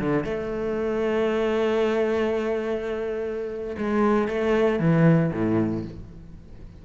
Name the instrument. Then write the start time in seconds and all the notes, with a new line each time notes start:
cello
0.00 D3
0.24 A3
3.78 G#3
4.29 A3
4.80 E3
5.33 A2